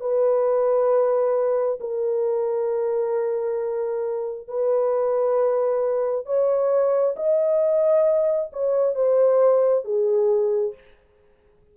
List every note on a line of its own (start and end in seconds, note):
0.00 1.79 B4
1.80 4.48 A#4
4.48 6.26 B4
6.26 7.15 C#5
7.16 8.50 D#5
8.53 8.95 C#5
8.95 9.85 C5
9.85 10.74 G#4